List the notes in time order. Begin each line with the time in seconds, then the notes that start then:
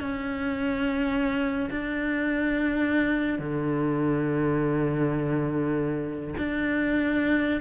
0.00 C#4
1.70 D4
3.38 D3
6.38 D4